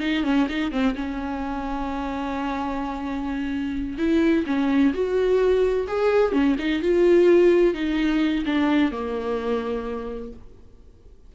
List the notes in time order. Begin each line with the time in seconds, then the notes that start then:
0.00 D#4
0.24 C#4
0.49 D#4
0.72 C4
0.95 C#4
3.98 E4
4.47 C#4
4.93 F#4
5.88 G#4
6.33 C#4
6.59 D#4
6.82 F4
7.74 D#4
8.46 D4
8.92 A#3